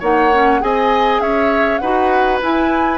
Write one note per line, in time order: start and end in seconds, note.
0.00 0.62 A#3
0.00 0.32 D#4
0.00 0.60 C#5
0.00 0.62 F#5
0.34 0.61 C#4
0.61 1.21 C4
0.61 1.81 G#4
0.61 1.22 D#5
0.61 1.21 G#5
1.21 1.81 C#4
1.21 1.81 C#5
1.21 1.78 E5
1.78 2.42 D#4
1.78 2.42 F#4
1.78 2.98 B4
1.78 2.38 F#5
2.42 2.98 E4
2.42 2.98 G#5